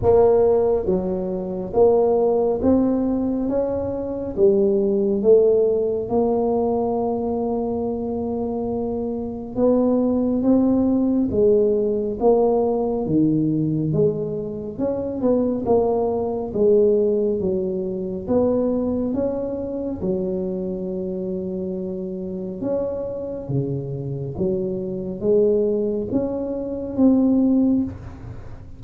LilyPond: \new Staff \with { instrumentName = "tuba" } { \time 4/4 \tempo 4 = 69 ais4 fis4 ais4 c'4 | cis'4 g4 a4 ais4~ | ais2. b4 | c'4 gis4 ais4 dis4 |
gis4 cis'8 b8 ais4 gis4 | fis4 b4 cis'4 fis4~ | fis2 cis'4 cis4 | fis4 gis4 cis'4 c'4 | }